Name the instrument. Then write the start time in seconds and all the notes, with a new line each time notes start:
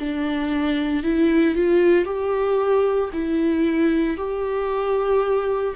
viola
0.00 D4
1.03 E4
1.55 F4
2.05 G4
3.13 E4
4.17 G4